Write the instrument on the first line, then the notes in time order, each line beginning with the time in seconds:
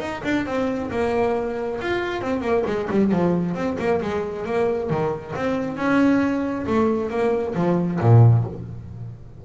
double bass
0.00 D#4
0.24 D4
0.46 C4
0.91 A#3
1.81 F4
2.21 C4
2.41 A#3
2.66 G#3
2.90 G3
3.12 F3
3.55 C4
3.79 A#3
4.02 G#3
4.46 A#3
4.90 D#3
5.36 C4
5.77 C#4
6.67 A3
7.10 A#3
7.55 F3
8.00 A#2